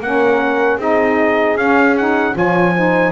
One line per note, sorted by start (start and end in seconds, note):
0.00 0.77 A#3
0.00 0.80 C#4
0.00 0.78 A#4
0.00 0.80 F#5
0.77 1.55 C4
0.77 1.57 D#4
0.77 2.34 G#4
0.77 1.57 D#5
1.56 2.34 C#4
1.56 1.97 C#4
1.56 1.96 F5
1.97 2.34 D#4
1.97 2.36 F#5
2.34 3.12 F3
2.34 2.73 F4
2.34 2.74 C#5
2.34 3.12 G#5
2.75 3.12 D#4
2.75 3.12 C5